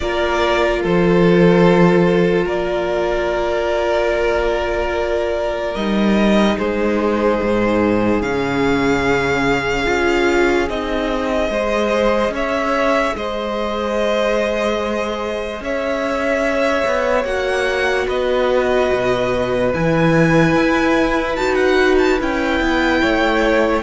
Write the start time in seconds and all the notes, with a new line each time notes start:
0.00 A#3 F4 A#4 D5
0.82 F3 A4 C5
2.44 A#3 A#4 D5
5.74 G3 D#4 D#5
6.58 G#3 G#4 C5
7.42 G#2
8.21 C#3 C#4 F5
9.85 C#4 F4
10.69 C4 D#4 D#5
11.49 G#3 G#4 C5
12.29 C#4 C#5
12.35 E5
13.15 G#3 C5 D#5
15.60 C#4 C#5 E5
16.85 B3
17.24 A#3 F#4 F#5
18.06 B3 B4 D#5
18.91 B2
19.73 E3 E4 G#5
20.55 E4
21.35 D#4 F#4 A5
21.54 F#5
21.98 A5
22.19 C#4 E4 G5
22.60 B3
23.01 A3 C#5